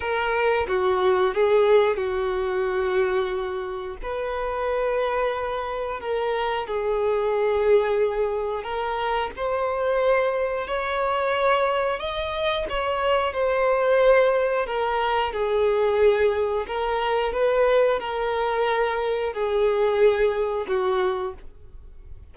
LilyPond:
\new Staff \with { instrumentName = "violin" } { \time 4/4 \tempo 4 = 90 ais'4 fis'4 gis'4 fis'4~ | fis'2 b'2~ | b'4 ais'4 gis'2~ | gis'4 ais'4 c''2 |
cis''2 dis''4 cis''4 | c''2 ais'4 gis'4~ | gis'4 ais'4 b'4 ais'4~ | ais'4 gis'2 fis'4 | }